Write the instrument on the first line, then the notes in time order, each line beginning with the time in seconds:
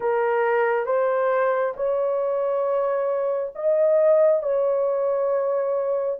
horn
0.00 A#4
0.85 C5
1.76 C#5
3.55 D#5
4.42 C#5